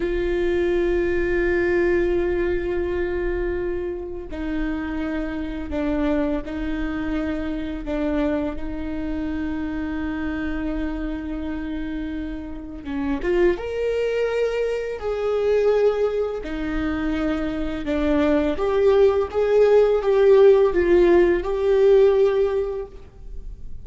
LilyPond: \new Staff \with { instrumentName = "viola" } { \time 4/4 \tempo 4 = 84 f'1~ | f'2 dis'2 | d'4 dis'2 d'4 | dis'1~ |
dis'2 cis'8 f'8 ais'4~ | ais'4 gis'2 dis'4~ | dis'4 d'4 g'4 gis'4 | g'4 f'4 g'2 | }